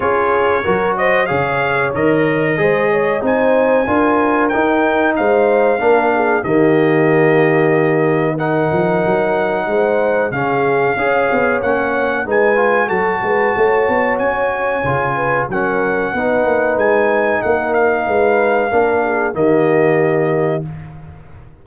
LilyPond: <<
  \new Staff \with { instrumentName = "trumpet" } { \time 4/4 \tempo 4 = 93 cis''4. dis''8 f''4 dis''4~ | dis''4 gis''2 g''4 | f''2 dis''2~ | dis''4 fis''2. |
f''2 fis''4 gis''4 | a''2 gis''2 | fis''2 gis''4 fis''8 f''8~ | f''2 dis''2 | }
  \new Staff \with { instrumentName = "horn" } { \time 4/4 gis'4 ais'8 c''8 cis''2 | c''8 cis''8 c''4 ais'2 | c''4 ais'8 gis'8 g'2~ | g'4 ais'2 c''4 |
gis'4 cis''2 b'4 | a'8 b'8 cis''2~ cis''8 b'8 | ais'4 b'2 ais'4 | b'4 ais'8 gis'8 g'2 | }
  \new Staff \with { instrumentName = "trombone" } { \time 4/4 f'4 fis'4 gis'4 ais'4 | gis'4 dis'4 f'4 dis'4~ | dis'4 d'4 ais2~ | ais4 dis'2. |
cis'4 gis'4 cis'4 dis'8 f'8 | fis'2. f'4 | cis'4 dis'2.~ | dis'4 d'4 ais2 | }
  \new Staff \with { instrumentName = "tuba" } { \time 4/4 cis'4 fis4 cis4 dis4 | gis4 c'4 d'4 dis'4 | gis4 ais4 dis2~ | dis4. f8 fis4 gis4 |
cis4 cis'8 b8 ais4 gis4 | fis8 gis8 a8 b8 cis'4 cis4 | fis4 b8 ais8 gis4 ais4 | gis4 ais4 dis2 | }
>>